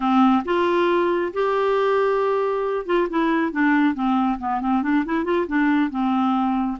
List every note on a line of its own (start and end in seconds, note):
0.00 0.43 C4
0.44 1.32 F4
1.33 2.86 G4
2.86 3.08 F4
3.09 3.52 E4
3.52 3.94 D4
3.94 4.38 C4
4.39 4.60 B3
4.60 4.82 C4
4.82 5.04 D4
5.05 5.24 E4
5.24 5.46 F4
5.47 5.90 D4
5.90 6.77 C4